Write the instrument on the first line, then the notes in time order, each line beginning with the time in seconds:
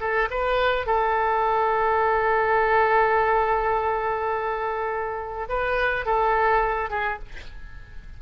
oboe
0.00 A4
0.30 B4
0.87 A4
5.49 B4
6.06 A4
6.90 G#4